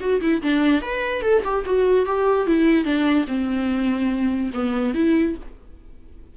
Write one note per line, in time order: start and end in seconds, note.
0.00 0.21 F#4
0.21 0.42 E4
0.42 0.82 D4
0.82 1.22 B4
1.22 1.42 A4
1.44 1.65 G4
1.66 2.06 F#4
2.06 2.47 G4
2.47 2.84 E4
2.84 3.26 D4
3.27 4.51 C4
4.54 4.94 B3
4.94 5.35 E4